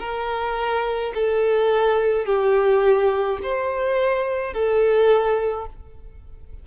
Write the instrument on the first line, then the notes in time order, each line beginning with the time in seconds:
violin
0.00 A#4
1.15 A4
2.26 G4
3.43 C5
4.54 A4